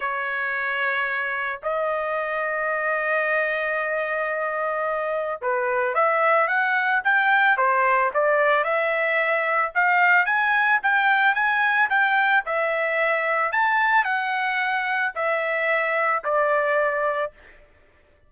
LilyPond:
\new Staff \with { instrumentName = "trumpet" } { \time 4/4 \tempo 4 = 111 cis''2. dis''4~ | dis''1~ | dis''2 b'4 e''4 | fis''4 g''4 c''4 d''4 |
e''2 f''4 gis''4 | g''4 gis''4 g''4 e''4~ | e''4 a''4 fis''2 | e''2 d''2 | }